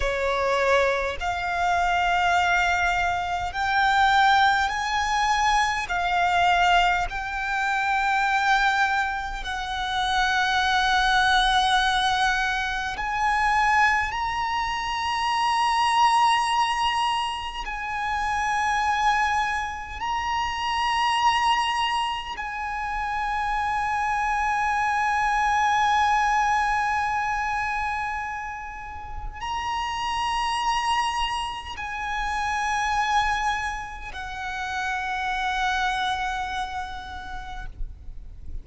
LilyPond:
\new Staff \with { instrumentName = "violin" } { \time 4/4 \tempo 4 = 51 cis''4 f''2 g''4 | gis''4 f''4 g''2 | fis''2. gis''4 | ais''2. gis''4~ |
gis''4 ais''2 gis''4~ | gis''1~ | gis''4 ais''2 gis''4~ | gis''4 fis''2. | }